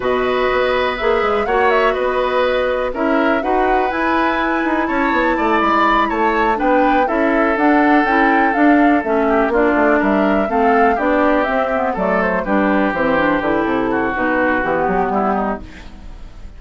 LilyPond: <<
  \new Staff \with { instrumentName = "flute" } { \time 4/4 \tempo 4 = 123 dis''2 e''4 fis''8 e''8 | dis''2 e''4 fis''4 | gis''2 a''4. b''8~ | b''8 a''4 g''4 e''4 fis''8~ |
fis''8 g''4 f''4 e''4 d''8~ | d''8 e''4 f''4 d''4 e''8~ | e''8 d''8 c''8 b'4 c''4 b'8 | a'4 b'4 g'2 | }
  \new Staff \with { instrumentName = "oboe" } { \time 4/4 b'2. cis''4 | b'2 ais'4 b'4~ | b'2 cis''4 d''4~ | d''8 cis''4 b'4 a'4.~ |
a'2. g'8 f'8~ | f'8 ais'4 a'4 g'4.~ | g'8 a'4 g'2~ g'8~ | g'8 fis'2~ fis'8 e'8 dis'8 | }
  \new Staff \with { instrumentName = "clarinet" } { \time 4/4 fis'2 gis'4 fis'4~ | fis'2 e'4 fis'4 | e'1~ | e'4. d'4 e'4 d'8~ |
d'8 e'4 d'4 cis'4 d'8~ | d'4. c'4 d'4 c'8 | b8 a4 d'4 c'8 d'8 e'8~ | e'4 dis'4 b2 | }
  \new Staff \with { instrumentName = "bassoon" } { \time 4/4 b,4 b4 ais8 gis8 ais4 | b2 cis'4 dis'4 | e'4. dis'8 cis'8 b8 a8 gis8~ | gis8 a4 b4 cis'4 d'8~ |
d'8 cis'4 d'4 a4 ais8 | a8 g4 a4 b4 c'8~ | c'8 fis4 g4 e4 d8 | c4 b,4 e8 fis8 g4 | }
>>